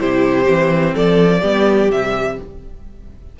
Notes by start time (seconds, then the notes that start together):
0.00 C3 E4 G4 C5
0.45 E3 C4
0.94 F3 A4 D5
1.41 G3 B3 G4
1.91 C3 G3 E5